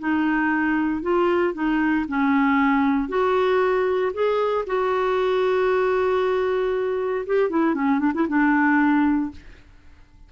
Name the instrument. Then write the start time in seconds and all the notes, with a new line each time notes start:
clarinet
0.00 D#4
1.03 F4
1.54 D#4
2.09 C#4
3.09 F#4
4.14 G#4
4.67 F#4
7.26 G4
7.50 E4
7.75 C#4
8.00 D4
8.15 E4
8.29 D4